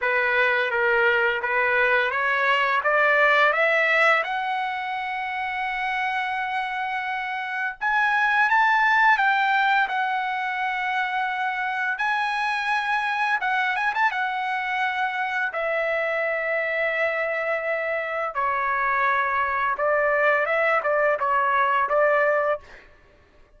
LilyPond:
\new Staff \with { instrumentName = "trumpet" } { \time 4/4 \tempo 4 = 85 b'4 ais'4 b'4 cis''4 | d''4 e''4 fis''2~ | fis''2. gis''4 | a''4 g''4 fis''2~ |
fis''4 gis''2 fis''8 gis''16 a''16 | fis''2 e''2~ | e''2 cis''2 | d''4 e''8 d''8 cis''4 d''4 | }